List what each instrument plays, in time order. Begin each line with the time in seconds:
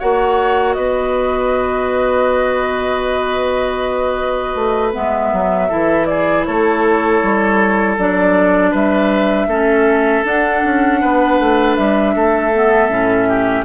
0.00 bassoon A#3, clarinet F#4, oboe C#5, flute F#5
0.74 bassoon B3, oboe B4, flute D#5
4.55 bassoon A3
4.94 bassoon G#3, clarinet B3, flute E5
5.33 bassoon F#3
5.69 bassoon E3, clarinet E4, oboe A4
6.07 oboe G#4, flute D5
6.46 bassoon A3, oboe A4, flute C#5
7.23 bassoon G3
7.98 bassoon F#3, clarinet D4, flute D5
8.72 bassoon G3, oboe B4, flute E5
9.47 bassoon A3, clarinet C#4, oboe A4
10.24 clarinet D4, bassoon D4, flute F#5
10.65 bassoon C#4
11.01 bassoon B3, oboe B4
11.40 bassoon A3
11.76 bassoon G3, flute E5
12.16 bassoon A3, oboe A4
12.54 clarinet B3
12.89 bassoon A2, clarinet C#4
13.29 oboe G4